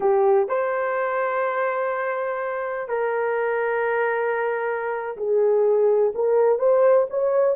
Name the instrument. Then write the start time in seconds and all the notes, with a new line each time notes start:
horn
0.00 G4
0.48 C5
2.88 A#4
5.16 G#4
6.14 A#4
6.58 C5
7.10 C#5